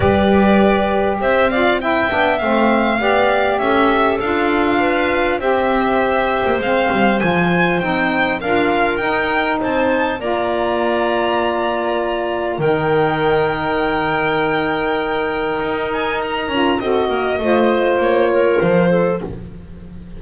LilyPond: <<
  \new Staff \with { instrumentName = "violin" } { \time 4/4 \tempo 4 = 100 d''2 e''8 f''8 g''4 | f''2 e''4 f''4~ | f''4 e''2 f''4 | gis''4 g''4 f''4 g''4 |
a''4 ais''2.~ | ais''4 g''2.~ | g''2~ g''8 gis''8 ais''4 | dis''2 cis''4 c''4 | }
  \new Staff \with { instrumentName = "clarinet" } { \time 4/4 b'2 c''8 d''8 e''4~ | e''4 d''4 a'2 | b'4 c''2.~ | c''2 ais'2 |
c''4 d''2.~ | d''4 ais'2.~ | ais'1 | a'8 ais'8 c''4. ais'4 a'8 | }
  \new Staff \with { instrumentName = "saxophone" } { \time 4/4 g'2~ g'8 f'8 e'8 d'8 | c'4 g'2 f'4~ | f'4 g'2 c'4 | f'4 dis'4 f'4 dis'4~ |
dis'4 f'2.~ | f'4 dis'2.~ | dis'2.~ dis'8 f'8 | fis'4 f'2. | }
  \new Staff \with { instrumentName = "double bass" } { \time 4/4 g2 c'4. b8 | a4 b4 cis'4 d'4~ | d'4 c'4.~ c'16 ais16 gis8 g8 | f4 c'4 d'4 dis'4 |
c'4 ais2.~ | ais4 dis2.~ | dis2 dis'4. cis'8 | c'8 ais8 a4 ais4 f4 | }
>>